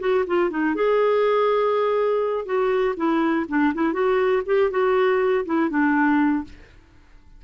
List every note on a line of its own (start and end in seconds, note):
0.00 0.25 F#4
0.27 0.50 F4
0.50 0.75 D#4
0.75 2.46 G#4
2.46 2.95 F#4
2.97 3.46 E4
3.49 3.74 D4
3.74 3.93 E4
3.93 4.43 F#4
4.46 4.71 G4
4.71 5.45 F#4
5.45 5.70 E4
5.70 6.45 D4